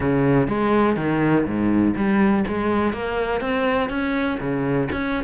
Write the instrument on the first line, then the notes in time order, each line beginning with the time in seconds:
cello
0.00 C#3
0.47 G#3
0.96 D#3
1.46 G#2
1.96 G3
2.47 G#3
2.93 A#3
3.40 C4
3.89 C#4
4.39 C#3
4.92 C#4